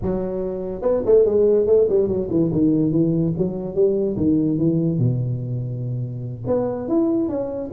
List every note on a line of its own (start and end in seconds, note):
0.02 0.82 F#3
0.82 1.02 B3
1.05 1.25 A3
1.25 1.66 G#3
1.66 1.87 A3
1.89 2.07 G3
2.07 2.28 F#3
2.30 2.51 E3
2.52 2.91 D#3
2.91 3.33 E3
3.37 3.74 F#3
3.74 4.16 G3
4.16 4.58 D#3
4.58 4.98 E3
4.98 6.44 B2
6.46 6.88 B3
6.88 7.28 E4
7.28 7.70 C#4